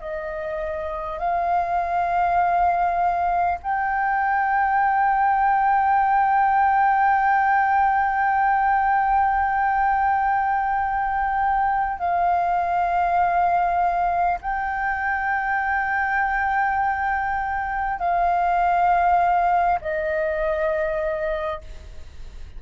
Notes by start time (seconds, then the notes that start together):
0.00 D#5
1.18 F5
3.62 G5
11.98 F5
14.41 G5
17.99 F5
19.81 D#5